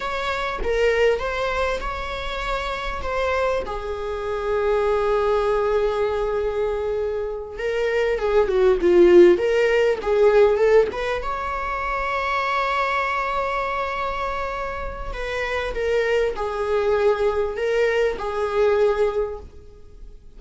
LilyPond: \new Staff \with { instrumentName = "viola" } { \time 4/4 \tempo 4 = 99 cis''4 ais'4 c''4 cis''4~ | cis''4 c''4 gis'2~ | gis'1~ | gis'8 ais'4 gis'8 fis'8 f'4 ais'8~ |
ais'8 gis'4 a'8 b'8 cis''4.~ | cis''1~ | cis''4 b'4 ais'4 gis'4~ | gis'4 ais'4 gis'2 | }